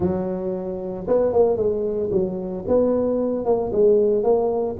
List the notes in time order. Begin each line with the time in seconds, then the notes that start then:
0.00 F#3
1.07 B3
1.32 A#3
1.57 G#3
2.11 F#3
2.67 B3
3.45 A#3
3.72 G#3
4.23 A#3